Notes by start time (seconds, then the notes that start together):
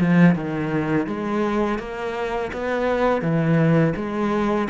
0.00 F3
0.35 D#3
1.07 G#3
1.79 A#3
2.53 B3
3.21 E3
3.96 G#3